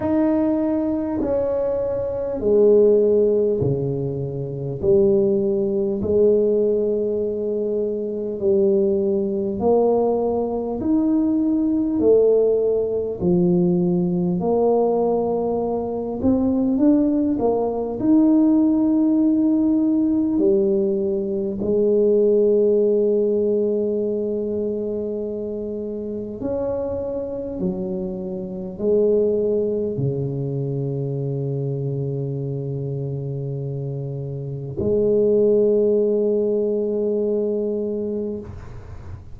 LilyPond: \new Staff \with { instrumentName = "tuba" } { \time 4/4 \tempo 4 = 50 dis'4 cis'4 gis4 cis4 | g4 gis2 g4 | ais4 dis'4 a4 f4 | ais4. c'8 d'8 ais8 dis'4~ |
dis'4 g4 gis2~ | gis2 cis'4 fis4 | gis4 cis2.~ | cis4 gis2. | }